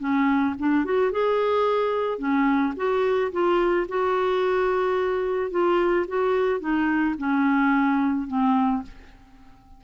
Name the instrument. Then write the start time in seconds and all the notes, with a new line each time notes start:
clarinet
0.00 C#4
0.59 D4
0.85 F#4
1.12 G#4
2.19 C#4
2.77 F#4
3.32 F4
3.89 F#4
5.51 F4
6.08 F#4
6.61 D#4
7.19 C#4
8.28 C4